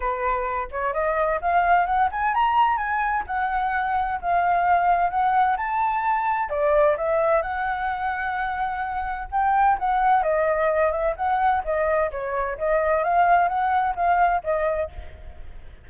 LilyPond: \new Staff \with { instrumentName = "flute" } { \time 4/4 \tempo 4 = 129 b'4. cis''8 dis''4 f''4 | fis''8 gis''8 ais''4 gis''4 fis''4~ | fis''4 f''2 fis''4 | a''2 d''4 e''4 |
fis''1 | g''4 fis''4 dis''4. e''8 | fis''4 dis''4 cis''4 dis''4 | f''4 fis''4 f''4 dis''4 | }